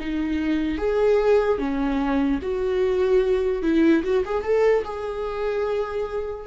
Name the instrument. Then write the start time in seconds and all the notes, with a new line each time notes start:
viola
0.00 D#4
0.79 G#4
1.59 C#4
2.42 F#4
3.63 E4
4.04 F#4
4.26 G#4
4.44 A4
4.85 G#4